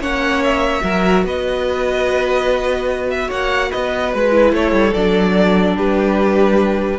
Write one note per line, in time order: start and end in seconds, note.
0.00 0.82 A#3
0.00 0.81 C#4
0.00 0.83 C#5
0.00 0.43 F#5
0.43 1.25 E5
0.81 1.24 F#3
0.81 4.31 F#4
0.81 1.24 A#4
1.24 3.29 B3
1.24 3.28 B4
1.24 3.10 D#5
3.10 3.30 E5
3.28 3.71 A#3
3.28 3.69 C#5
3.28 3.72 F#5
3.70 4.14 B3
3.70 4.53 B4
3.70 4.13 D#5
4.13 4.52 G#3
4.13 4.54 B4
4.31 4.92 E4
4.52 4.72 A3
4.52 5.76 A4
4.52 4.94 C#5
4.72 4.92 G3
4.94 5.77 F#3
4.94 6.99 D4
4.94 5.76 D5
5.76 6.99 G3
5.76 6.99 G4
5.76 6.99 B4